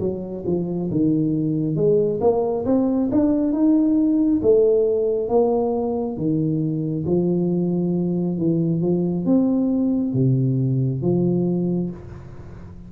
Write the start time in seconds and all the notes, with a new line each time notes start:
0.00 F#3
0.46 F3
0.91 D#3
1.76 G#3
2.21 A#3
2.66 C4
3.12 D4
3.53 D#4
4.43 A3
5.29 A#3
6.17 D#3
7.06 F3
8.38 E3
8.82 F3
9.26 C4
10.14 C3
11.02 F3